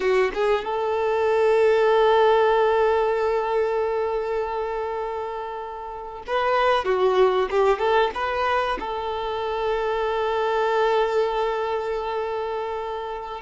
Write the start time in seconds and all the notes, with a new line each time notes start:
0.00 F#4
0.34 G#4
0.64 A4
6.26 B4
6.85 F#4
7.50 G4
7.78 A4
8.14 B4
8.79 A4